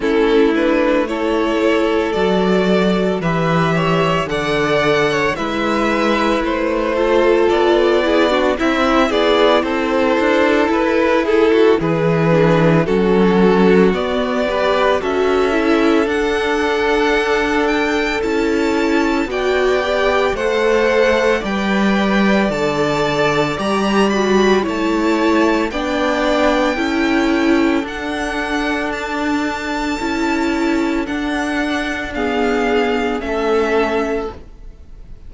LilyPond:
<<
  \new Staff \with { instrumentName = "violin" } { \time 4/4 \tempo 4 = 56 a'8 b'8 cis''4 d''4 e''4 | fis''4 e''4 c''4 d''4 | e''8 d''8 c''4 b'8 a'8 b'4 | a'4 d''4 e''4 fis''4~ |
fis''8 g''8 a''4 g''4 fis''4 | g''4 a''4 ais''8 b''8 a''4 | g''2 fis''4 a''4~ | a''4 fis''4 f''4 e''4 | }
  \new Staff \with { instrumentName = "violin" } { \time 4/4 e'4 a'2 b'8 cis''8 | d''8. cis''16 b'4. a'4 gis'16 fis'16 | e'8 gis'8 a'4. gis'16 fis'16 gis'4 | fis'4. b'8 a'2~ |
a'2 d''4 c''4 | d''2. cis''4 | d''4 a'2.~ | a'2 gis'4 a'4 | }
  \new Staff \with { instrumentName = "viola" } { \time 4/4 cis'8 d'8 e'4 fis'4 g'4 | a'4 e'4. f'4 e'16 d'16 | e'2.~ e'8 d'8 | cis'4 b8 g'8 fis'8 e'8 d'4~ |
d'4 e'4 fis'8 g'8 a'4 | b'4 a'4 g'8 fis'8 e'4 | d'4 e'4 d'2 | e'4 d'4 b4 cis'4 | }
  \new Staff \with { instrumentName = "cello" } { \time 4/4 a2 fis4 e4 | d4 gis4 a4 b4 | c'8 b8 c'8 d'8 e'4 e4 | fis4 b4 cis'4 d'4~ |
d'4 cis'4 b4 a4 | g4 d4 g4 a4 | b4 cis'4 d'2 | cis'4 d'2 a4 | }
>>